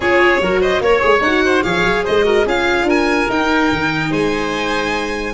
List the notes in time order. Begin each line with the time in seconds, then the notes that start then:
0.00 C#4 F4 G#4 C#5
0.40 F#3 F#4 A#4
0.60 C5 D#5
0.80 A#3 A#4 C#5
0.99 G#3 G#4
1.20 D#4 F#4 F#5
1.45 C5
1.63 F3 G#4 C#5 F5
1.84 F#3
2.04 G#3 C5 D#5
2.23 F#4 A#4
2.45 C#4 F4 G#4 F5
2.83 D4 A#4
2.89 G#5
3.28 D#4 G5
3.71 D#3
4.10 G#3 C5 G#5